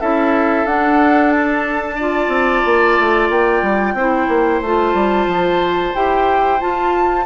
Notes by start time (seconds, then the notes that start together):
0.00 C#4 E4 A4 E5
0.65 D4 F#5
1.30 A5
1.95 F4 D5
2.28 C4
2.65 A#3
2.99 A3
3.29 A#3 G5
3.62 G3
3.94 C4 E4 C5
4.28 A#3
4.61 A3 F4 A5
4.94 G3
5.27 F3
5.94 E4 G4 G5
6.59 F4 A5